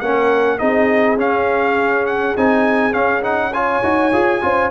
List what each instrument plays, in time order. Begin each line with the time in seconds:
0.00 tuba A#3, trombone C#4, horn A#4, trumpet F#5
0.58 tuba C4, trombone D#4, horn G#4, trumpet D#5
1.16 tuba C#4, trombone C#4, trumpet F5
2.06 trumpet F#5
2.37 tuba C4, trombone D#4, trumpet G#5
2.92 trombone C#4, tuba C#4, trumpet F5
3.22 trombone D#4, trumpet F#5
3.52 trombone F4, horn C#5, trumpet G#5
3.83 tuba D#4, trombone F#4
4.12 tuba F4, trombone G#4
4.42 tuba C#4, trombone F4, horn C5